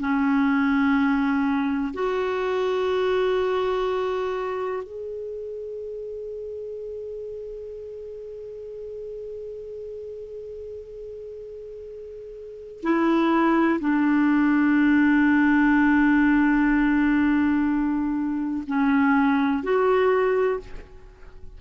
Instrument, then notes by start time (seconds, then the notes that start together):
clarinet
0.00 C#4
1.94 F#4
4.83 G#4
12.83 E4
13.80 D4
18.68 C#4
19.64 F#4